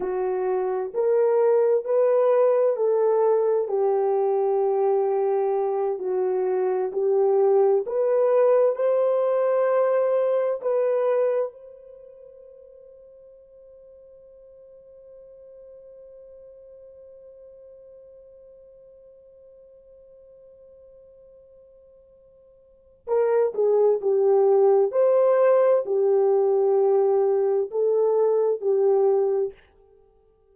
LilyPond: \new Staff \with { instrumentName = "horn" } { \time 4/4 \tempo 4 = 65 fis'4 ais'4 b'4 a'4 | g'2~ g'8 fis'4 g'8~ | g'8 b'4 c''2 b'8~ | b'8 c''2.~ c''8~ |
c''1~ | c''1~ | c''4 ais'8 gis'8 g'4 c''4 | g'2 a'4 g'4 | }